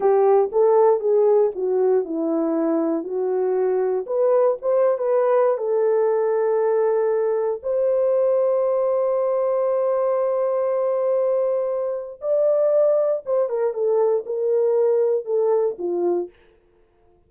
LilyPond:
\new Staff \with { instrumentName = "horn" } { \time 4/4 \tempo 4 = 118 g'4 a'4 gis'4 fis'4 | e'2 fis'2 | b'4 c''8. b'4~ b'16 a'4~ | a'2. c''4~ |
c''1~ | c''1 | d''2 c''8 ais'8 a'4 | ais'2 a'4 f'4 | }